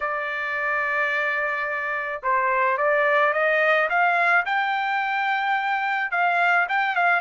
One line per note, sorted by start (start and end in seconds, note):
0.00 2.22 D5
2.22 2.77 C5
2.77 3.33 D5
3.33 3.88 D#5
3.89 4.45 F5
4.45 6.11 G5
6.11 6.66 F5
6.68 6.95 G5
6.95 7.20 F5